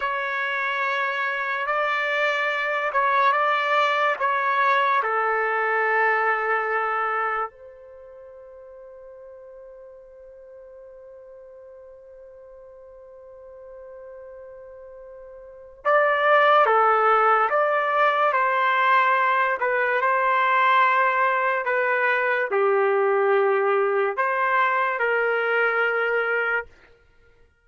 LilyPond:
\new Staff \with { instrumentName = "trumpet" } { \time 4/4 \tempo 4 = 72 cis''2 d''4. cis''8 | d''4 cis''4 a'2~ | a'4 c''2.~ | c''1~ |
c''2. d''4 | a'4 d''4 c''4. b'8 | c''2 b'4 g'4~ | g'4 c''4 ais'2 | }